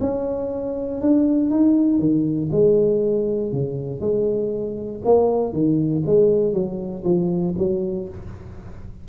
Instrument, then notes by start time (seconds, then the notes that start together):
tuba
0.00 C#4
1.01 D4
1.50 D#4
1.99 D#3
2.51 G#3
3.52 C#3
4.00 G#3
5.04 A#3
5.53 D#3
6.06 G#3
6.53 F#3
7.04 F3
7.58 F#3